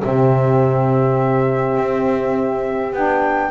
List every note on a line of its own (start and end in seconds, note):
0.00 1.77 C3
0.00 2.91 C4
0.00 3.50 G4
0.00 2.94 E5
1.77 2.93 C4
2.93 3.51 B3
2.93 3.51 D4
2.93 3.51 G5